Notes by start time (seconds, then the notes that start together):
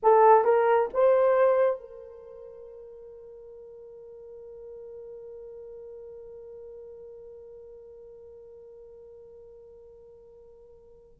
0.02 A4
0.44 A#4
0.93 C5
1.80 A#4